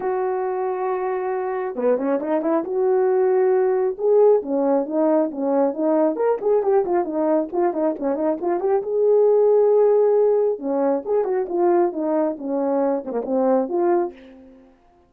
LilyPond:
\new Staff \with { instrumentName = "horn" } { \time 4/4 \tempo 4 = 136 fis'1 | b8 cis'8 dis'8 e'8 fis'2~ | fis'4 gis'4 cis'4 dis'4 | cis'4 dis'4 ais'8 gis'8 g'8 f'8 |
dis'4 f'8 dis'8 cis'8 dis'8 f'8 g'8 | gis'1 | cis'4 gis'8 fis'8 f'4 dis'4 | cis'4. c'16 ais16 c'4 f'4 | }